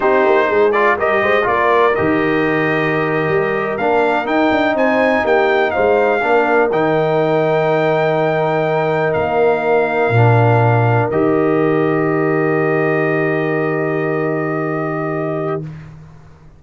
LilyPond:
<<
  \new Staff \with { instrumentName = "trumpet" } { \time 4/4 \tempo 4 = 123 c''4. d''8 dis''4 d''4 | dis''2.~ dis''8. f''16~ | f''8. g''4 gis''4 g''4 f''16~ | f''4.~ f''16 g''2~ g''16~ |
g''2~ g''8. f''4~ f''16~ | f''2~ f''8. dis''4~ dis''16~ | dis''1~ | dis''1 | }
  \new Staff \with { instrumentName = "horn" } { \time 4/4 g'4 gis'4 ais'8 c''8 ais'4~ | ais'1~ | ais'4.~ ais'16 c''4 g'4 c''16~ | c''8. ais'2.~ ais'16~ |
ais'1~ | ais'1~ | ais'1~ | ais'1 | }
  \new Staff \with { instrumentName = "trombone" } { \time 4/4 dis'4. f'8 g'4 f'4 | g'2.~ g'8. d'16~ | d'8. dis'2.~ dis'16~ | dis'8. d'4 dis'2~ dis'16~ |
dis'1~ | dis'8. d'2 g'4~ g'16~ | g'1~ | g'1 | }
  \new Staff \with { instrumentName = "tuba" } { \time 4/4 c'8 ais8 gis4 g8 gis8 ais4 | dis2~ dis8. g4 ais16~ | ais8. dis'8 d'8 c'4 ais4 gis16~ | gis8. ais4 dis2~ dis16~ |
dis2~ dis8. ais4~ ais16~ | ais8. ais,2 dis4~ dis16~ | dis1~ | dis1 | }
>>